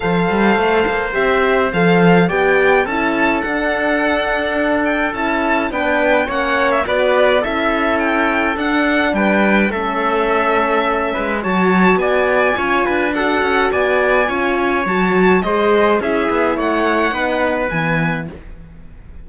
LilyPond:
<<
  \new Staff \with { instrumentName = "violin" } { \time 4/4 \tempo 4 = 105 f''2 e''4 f''4 | g''4 a''4 fis''2~ | fis''8 g''8 a''4 g''4 fis''8. e''16 | d''4 e''4 g''4 fis''4 |
g''4 e''2. | a''4 gis''2 fis''4 | gis''2 a''4 dis''4 | e''4 fis''2 gis''4 | }
  \new Staff \with { instrumentName = "trumpet" } { \time 4/4 c''1 | d''4 a'2.~ | a'2 b'4 cis''4 | b'4 a'2. |
b'4 a'2~ a'8 b'8 | cis''4 d''4 cis''8 b'8 a'4 | d''4 cis''2 c''4 | gis'4 cis''4 b'2 | }
  \new Staff \with { instrumentName = "horn" } { \time 4/4 a'2 g'4 a'4 | g'4 e'4 d'2~ | d'4 e'4 d'4 cis'4 | fis'4 e'2 d'4~ |
d'4 cis'2. | fis'2 f'4 fis'4~ | fis'4 f'4 fis'4 gis'4 | e'2 dis'4 b4 | }
  \new Staff \with { instrumentName = "cello" } { \time 4/4 f8 g8 a8 ais8 c'4 f4 | b4 cis'4 d'2~ | d'4 cis'4 b4 ais4 | b4 cis'2 d'4 |
g4 a2~ a8 gis8 | fis4 b4 cis'8 d'4 cis'8 | b4 cis'4 fis4 gis4 | cis'8 b8 a4 b4 e4 | }
>>